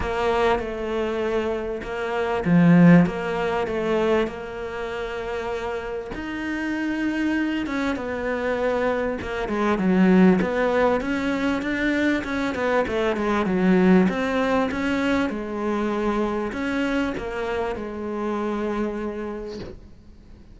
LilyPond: \new Staff \with { instrumentName = "cello" } { \time 4/4 \tempo 4 = 98 ais4 a2 ais4 | f4 ais4 a4 ais4~ | ais2 dis'2~ | dis'8 cis'8 b2 ais8 gis8 |
fis4 b4 cis'4 d'4 | cis'8 b8 a8 gis8 fis4 c'4 | cis'4 gis2 cis'4 | ais4 gis2. | }